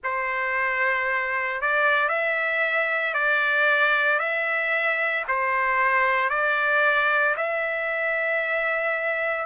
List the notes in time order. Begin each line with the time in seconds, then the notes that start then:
0.03 C5
1.61 D5
2.09 E5
3.13 D5
4.19 E5
5.28 C5
6.29 D5
7.36 E5